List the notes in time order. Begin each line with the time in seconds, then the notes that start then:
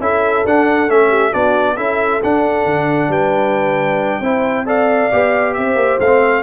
0.00 C#4 E4 A4 E5
0.45 D4 F#5
0.88 A3 C#4 E5
1.09 G4
1.31 B3 D4 F#4 D5
1.77 C#4 E4 A4 E5
2.23 D4 F#5
2.65 D3
3.09 G3 B4 G5
4.20 C4 E4 C5
4.66 A4 D5 F5
5.12 B3 G4
5.54 C4 C5 E5
5.76 A#3
6.00 A3 C4 F5